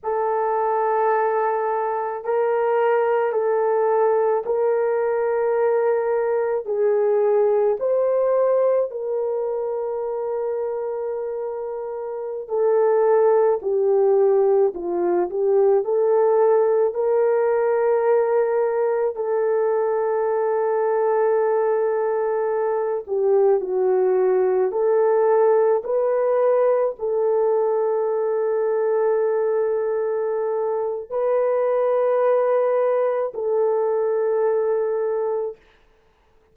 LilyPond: \new Staff \with { instrumentName = "horn" } { \time 4/4 \tempo 4 = 54 a'2 ais'4 a'4 | ais'2 gis'4 c''4 | ais'2.~ ais'16 a'8.~ | a'16 g'4 f'8 g'8 a'4 ais'8.~ |
ais'4~ ais'16 a'2~ a'8.~ | a'8. g'8 fis'4 a'4 b'8.~ | b'16 a'2.~ a'8. | b'2 a'2 | }